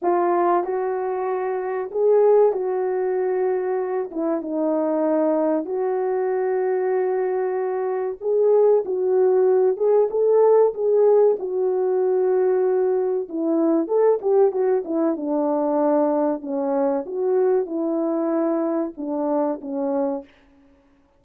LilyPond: \new Staff \with { instrumentName = "horn" } { \time 4/4 \tempo 4 = 95 f'4 fis'2 gis'4 | fis'2~ fis'8 e'8 dis'4~ | dis'4 fis'2.~ | fis'4 gis'4 fis'4. gis'8 |
a'4 gis'4 fis'2~ | fis'4 e'4 a'8 g'8 fis'8 e'8 | d'2 cis'4 fis'4 | e'2 d'4 cis'4 | }